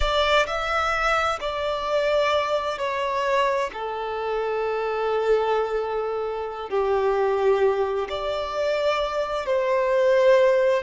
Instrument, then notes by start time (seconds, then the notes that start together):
violin
0.00 D5
0.46 E5
1.40 D5
2.78 C#5
3.73 A4
6.69 G4
8.09 D5
9.46 C5